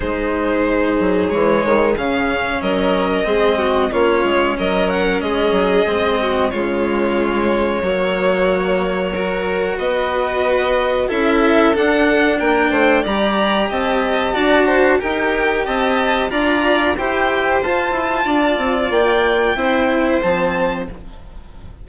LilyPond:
<<
  \new Staff \with { instrumentName = "violin" } { \time 4/4 \tempo 4 = 92 c''2 cis''4 f''4 | dis''2 cis''4 dis''8 fis''8 | dis''2 cis''2~ | cis''2. dis''4~ |
dis''4 e''4 fis''4 g''4 | ais''4 a''2 g''4 | a''4 ais''4 g''4 a''4~ | a''4 g''2 a''4 | }
  \new Staff \with { instrumentName = "violin" } { \time 4/4 gis'1 | ais'4 gis'8 fis'8 f'4 ais'4 | gis'4. fis'8 f'2 | fis'2 ais'4 b'4~ |
b'4 a'2 ais'8 c''8 | d''4 dis''4 d''8 c''8 ais'4 | dis''4 d''4 c''2 | d''2 c''2 | }
  \new Staff \with { instrumentName = "cello" } { \time 4/4 dis'2 gis4 cis'4~ | cis'4 c'4 cis'2~ | cis'4 c'4 gis2 | ais2 fis'2~ |
fis'4 e'4 d'2 | g'2 fis'4 g'4~ | g'4 f'4 g'4 f'4~ | f'2 e'4 c'4 | }
  \new Staff \with { instrumentName = "bassoon" } { \time 4/4 gis4. fis8 e8 dis8 cis4 | fis4 gis4 ais8 gis8 fis4 | gis8 fis8 gis4 cis2 | fis2. b4~ |
b4 cis'4 d'4 ais8 a8 | g4 c'4 d'4 dis'4 | c'4 d'4 e'4 f'8 e'8 | d'8 c'8 ais4 c'4 f4 | }
>>